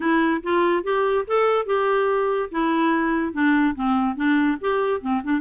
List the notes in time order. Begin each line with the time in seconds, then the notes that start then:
0.00 E4
0.43 F4
0.83 G4
1.27 A4
1.66 G4
2.51 E4
3.33 D4
3.75 C4
4.16 D4
4.60 G4
5.01 C4
5.23 D4